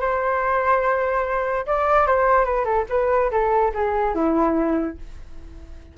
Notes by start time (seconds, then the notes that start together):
0.00 C5
1.66 D5
2.06 C5
2.45 B4
2.64 A4
2.89 B4
3.31 A4
3.74 G#4
4.15 E4